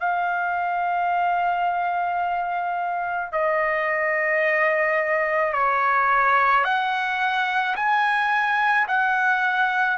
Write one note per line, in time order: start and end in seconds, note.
0.00 3.32 F5
3.32 5.53 D#5
5.53 6.64 C#5
6.64 7.75 F#5
7.76 8.87 G#5
8.87 9.97 F#5